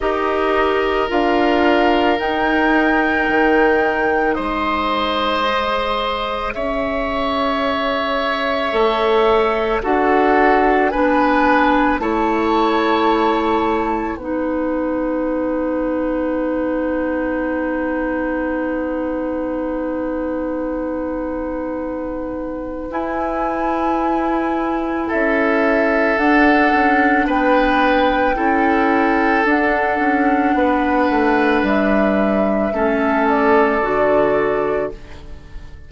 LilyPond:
<<
  \new Staff \with { instrumentName = "flute" } { \time 4/4 \tempo 4 = 55 dis''4 f''4 g''2 | dis''2 e''2~ | e''4 fis''4 gis''4 a''4~ | a''4 fis''2.~ |
fis''1~ | fis''4 gis''2 e''4 | fis''4 g''2 fis''4~ | fis''4 e''4. d''4. | }
  \new Staff \with { instrumentName = "oboe" } { \time 4/4 ais'1 | c''2 cis''2~ | cis''4 a'4 b'4 cis''4~ | cis''4 b'2.~ |
b'1~ | b'2. a'4~ | a'4 b'4 a'2 | b'2 a'2 | }
  \new Staff \with { instrumentName = "clarinet" } { \time 4/4 g'4 f'4 dis'2~ | dis'4 gis'2. | a'4 fis'4 d'4 e'4~ | e'4 dis'2.~ |
dis'1~ | dis'4 e'2. | d'2 e'4 d'4~ | d'2 cis'4 fis'4 | }
  \new Staff \with { instrumentName = "bassoon" } { \time 4/4 dis'4 d'4 dis'4 dis4 | gis2 cis'2 | a4 d'4 b4 a4~ | a4 b2.~ |
b1~ | b4 e'2 cis'4 | d'8 cis'8 b4 cis'4 d'8 cis'8 | b8 a8 g4 a4 d4 | }
>>